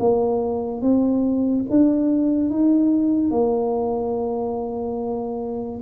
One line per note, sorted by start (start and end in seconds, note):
0.00 0.82 A#3
0.82 1.65 C4
1.70 2.50 D4
2.50 3.31 D#4
3.31 5.81 A#3